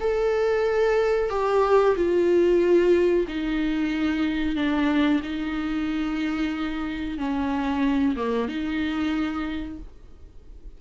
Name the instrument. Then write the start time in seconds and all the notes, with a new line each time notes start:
viola
0.00 A4
1.30 G4
1.96 F4
3.28 D#4
4.56 D4
5.23 D#4
7.18 C#4
8.16 A#3
8.48 D#4